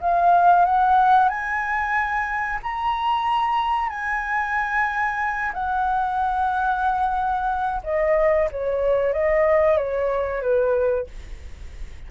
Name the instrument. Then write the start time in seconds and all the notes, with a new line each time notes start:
flute
0.00 F5
0.65 F#5
1.28 G#5
2.63 A#5
3.89 G#5
5.53 F#5
7.83 D#5
8.51 C#5
9.13 D#5
9.77 C#5
10.41 B4